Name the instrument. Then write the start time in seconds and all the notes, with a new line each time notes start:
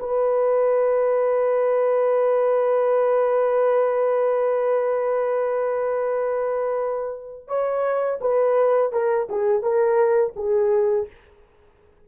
horn
0.00 B4
7.48 C#5
8.21 B4
8.93 A#4
9.30 G#4
9.63 A#4
10.36 G#4